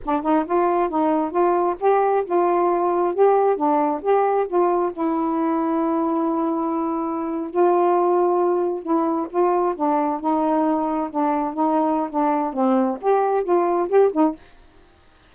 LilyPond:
\new Staff \with { instrumentName = "saxophone" } { \time 4/4 \tempo 4 = 134 d'8 dis'8 f'4 dis'4 f'4 | g'4 f'2 g'4 | d'4 g'4 f'4 e'4~ | e'1~ |
e'8. f'2. e'16~ | e'8. f'4 d'4 dis'4~ dis'16~ | dis'8. d'4 dis'4~ dis'16 d'4 | c'4 g'4 f'4 g'8 dis'8 | }